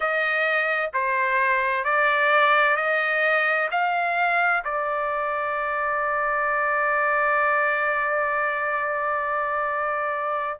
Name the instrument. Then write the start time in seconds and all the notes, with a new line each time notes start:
trumpet
0.00 D#5
0.93 C5
1.84 D5
2.76 D#5
3.71 F5
4.64 D5